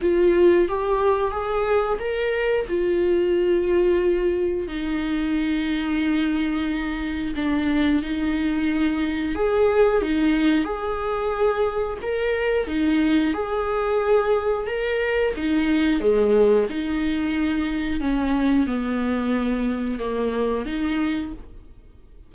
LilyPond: \new Staff \with { instrumentName = "viola" } { \time 4/4 \tempo 4 = 90 f'4 g'4 gis'4 ais'4 | f'2. dis'4~ | dis'2. d'4 | dis'2 gis'4 dis'4 |
gis'2 ais'4 dis'4 | gis'2 ais'4 dis'4 | gis4 dis'2 cis'4 | b2 ais4 dis'4 | }